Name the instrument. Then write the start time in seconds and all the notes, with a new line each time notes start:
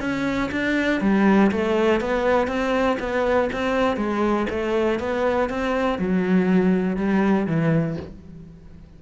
cello
0.00 C#4
0.51 D4
1.01 G3
1.51 A3
2.00 B3
2.47 C4
2.99 B3
3.52 C4
3.97 G#3
4.50 A3
4.99 B3
5.49 C4
5.99 F#3
6.96 G3
7.47 E3